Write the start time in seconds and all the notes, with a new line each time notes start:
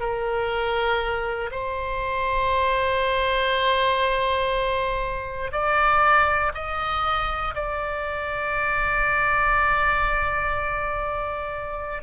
0.00 A#4
1.51 C5
5.52 D5
6.55 D#5
7.55 D5